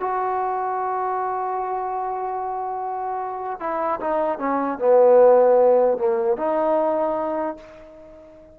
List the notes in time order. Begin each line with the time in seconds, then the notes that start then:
0.00 F#4
3.60 E4
4.01 D#4
4.39 C#4
4.79 B3
5.98 A#3
6.37 D#4